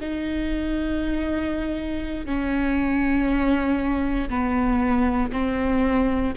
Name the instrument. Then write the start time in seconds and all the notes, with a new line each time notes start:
viola
0.00 D#4
2.25 C#4
4.29 B3
5.32 C4